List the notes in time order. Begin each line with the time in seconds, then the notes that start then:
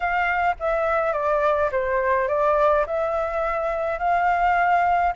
0.00 F5
0.59 E5
1.12 D5
1.71 C5
2.28 D5
2.86 E5
3.98 F5